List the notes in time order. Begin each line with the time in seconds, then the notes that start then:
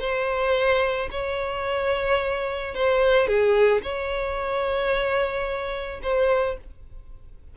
0.00 C5
1.11 C#5
2.74 C5
3.27 G#4
3.82 C#5
6.02 C5